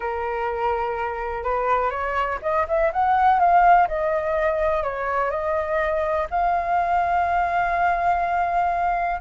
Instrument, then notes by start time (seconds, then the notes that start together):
flute
0.00 A#4
1.43 B4
1.90 C#5
2.42 D#5
2.67 E5
2.93 F#5
3.39 F5
3.88 D#5
4.83 C#5
5.30 D#5
6.30 F5